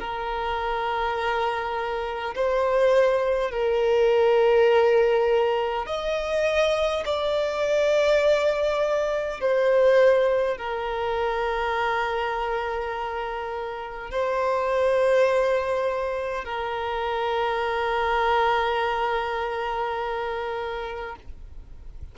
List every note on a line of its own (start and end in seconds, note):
0.00 2.35 A#4
2.35 3.51 C5
3.51 5.87 A#4
5.87 7.04 D#5
7.06 9.41 D5
9.41 10.58 C5
10.58 14.11 A#4
14.11 16.45 C5
16.45 21.16 A#4